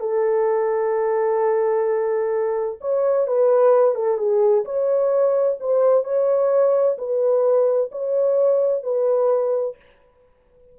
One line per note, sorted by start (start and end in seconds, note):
0.00 2.79 A4
2.81 3.27 C#5
3.27 3.95 B4
3.95 4.18 A4
4.18 4.64 G#4
4.65 5.58 C#5
5.60 6.04 C5
6.04 6.97 C#5
6.98 7.91 B4
7.92 8.83 C#5
8.83 9.76 B4